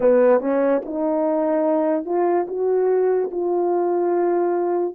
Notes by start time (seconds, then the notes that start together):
0.00 B3
0.40 C#4
0.85 D#4
2.05 F4
2.47 F#4
3.31 F4